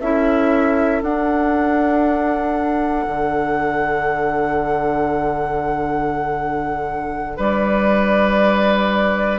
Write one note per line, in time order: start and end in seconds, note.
0.00 1.02 C#4
0.00 1.03 E4
0.00 7.37 A4
0.00 1.02 E5
1.02 3.06 D4
1.02 9.39 D4
1.02 7.39 F#5
3.07 7.38 D3
7.37 9.39 G3
7.37 9.39 B4
7.37 9.39 D5